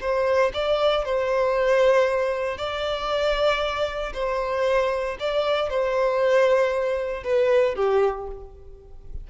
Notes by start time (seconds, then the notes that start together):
0.00 C5
0.54 D5
1.05 C5
2.57 D5
4.13 C5
5.20 D5
5.69 C5
7.23 B4
7.75 G4